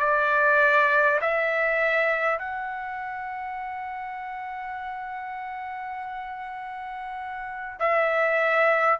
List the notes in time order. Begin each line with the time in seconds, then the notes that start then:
0.00 D5
1.22 E5
2.39 F#5
7.80 E5